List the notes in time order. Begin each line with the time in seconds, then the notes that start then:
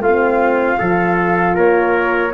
0.00 A3 F4 F5
0.06 C4
0.78 F3 F4 A4
1.55 A#3 A#4 C#5